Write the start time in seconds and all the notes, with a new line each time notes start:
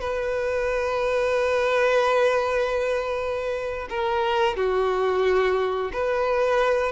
0.00 B4
3.89 A#4
4.56 F#4
5.92 B4